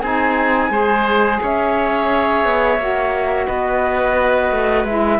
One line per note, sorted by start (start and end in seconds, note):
0.00 0.70 C4
0.00 0.71 D#4
0.00 0.70 G#4
0.00 1.38 G#5
0.70 1.39 G#3
0.70 2.78 G#4
0.70 1.41 C5
1.42 2.45 C#4
1.42 3.47 C#5
1.42 3.47 E5
2.45 2.78 B3
2.78 3.47 A#3
2.78 4.87 F#4
3.47 4.51 B3
3.47 5.19 B4
3.47 4.85 D#5
4.51 4.84 A3
4.84 5.19 G#3
4.84 5.19 E4
4.84 5.19 E5